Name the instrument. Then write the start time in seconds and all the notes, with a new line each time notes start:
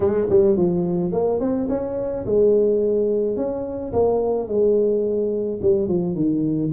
tuba
0.00 G#3
0.29 G3
0.56 F3
1.12 A#3
1.40 C4
1.68 C#4
2.25 G#3
3.36 C#4
3.92 A#3
4.47 G#3
5.62 G3
5.88 F3
6.15 D#3